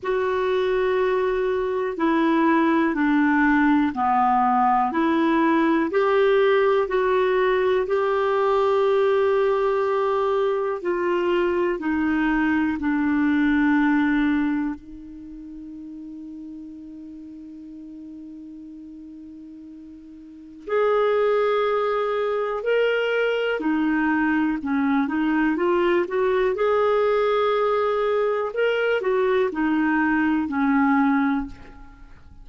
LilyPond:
\new Staff \with { instrumentName = "clarinet" } { \time 4/4 \tempo 4 = 61 fis'2 e'4 d'4 | b4 e'4 g'4 fis'4 | g'2. f'4 | dis'4 d'2 dis'4~ |
dis'1~ | dis'4 gis'2 ais'4 | dis'4 cis'8 dis'8 f'8 fis'8 gis'4~ | gis'4 ais'8 fis'8 dis'4 cis'4 | }